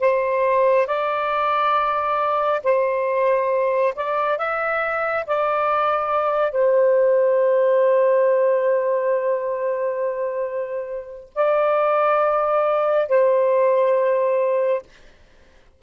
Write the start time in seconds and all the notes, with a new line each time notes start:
0.00 C5
0.87 D5
2.64 C5
3.95 D5
4.38 E5
5.26 D5
6.51 C5
11.35 D5
13.09 C5